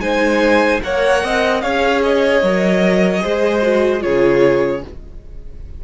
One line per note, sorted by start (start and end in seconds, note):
0.00 0.80 G#3
0.00 0.81 D#4
0.00 0.82 C5
0.00 0.81 G#5
0.83 1.24 A#3
0.83 1.62 A#4
0.83 1.25 C#5
0.83 1.61 F#5
1.24 1.64 C4
1.24 1.63 D#5
1.61 2.42 C#4
1.61 2.42 G#4
1.61 3.22 C#5
1.61 2.01 F5
2.03 4.02 D#5
2.42 3.22 F#3
2.42 3.20 A#4
3.20 4.04 G#3
3.20 3.60 G#4
3.20 4.02 C5
3.62 4.00 F#4
4.00 4.84 C#3
4.00 4.80 F4
4.00 4.83 G#4
4.00 4.82 C#5